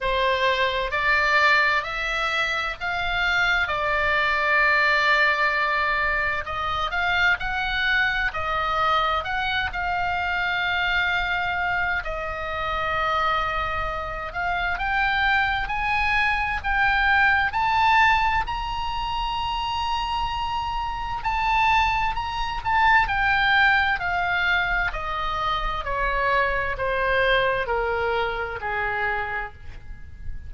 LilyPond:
\new Staff \with { instrumentName = "oboe" } { \time 4/4 \tempo 4 = 65 c''4 d''4 e''4 f''4 | d''2. dis''8 f''8 | fis''4 dis''4 fis''8 f''4.~ | f''4 dis''2~ dis''8 f''8 |
g''4 gis''4 g''4 a''4 | ais''2. a''4 | ais''8 a''8 g''4 f''4 dis''4 | cis''4 c''4 ais'4 gis'4 | }